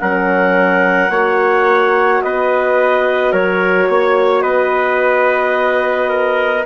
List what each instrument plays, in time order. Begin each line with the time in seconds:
0.00 bassoon F#3, horn C#4, trumpet A#4, clarinet F#5
1.10 bassoon A#3, horn F#4, trumpet C#5
2.22 bassoon B3, trumpet B4, clarinet D#5
3.32 bassoon F#3, trumpet A#4, clarinet C#5
3.89 bassoon A#3, trumpet C#5
4.42 bassoon B3, trumpet B4, clarinet D#5
6.09 trumpet A#4